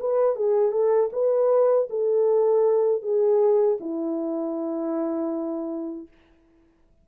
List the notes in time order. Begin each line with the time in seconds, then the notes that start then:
0.00 B4
0.36 G#4
0.72 A4
1.13 B4
1.90 A4
3.02 G#4
3.80 E4